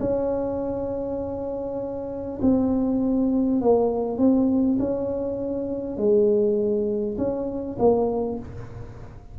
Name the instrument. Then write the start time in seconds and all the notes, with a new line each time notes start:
tuba
0.00 C#4
2.41 C4
3.61 A#3
4.18 C4
4.79 C#4
5.97 G#3
7.18 C#4
7.78 A#3